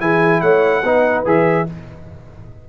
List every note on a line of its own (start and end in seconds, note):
0.00 0.42 E3
0.00 0.83 E4
0.00 0.42 G#4
0.00 0.41 G#5
0.41 0.83 A3
0.41 0.83 C#5
0.41 1.24 F#5
0.83 1.24 B3
0.83 1.25 D#4
0.83 1.67 B4
1.25 1.67 E3
1.25 1.67 G#4
1.25 1.69 E5